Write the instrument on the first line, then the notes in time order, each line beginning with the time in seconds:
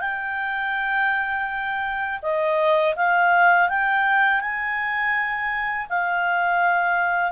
clarinet
0.00 G5
2.22 D#5
2.95 F5
3.69 G5
4.40 G#5
5.89 F5